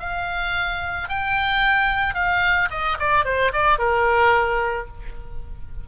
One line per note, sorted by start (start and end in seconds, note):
0.00 1.09 F5
1.09 2.15 G5
2.15 2.69 F5
2.71 2.98 D#5
3.00 3.25 D5
3.25 3.53 C5
3.53 3.79 D5
3.79 4.88 A#4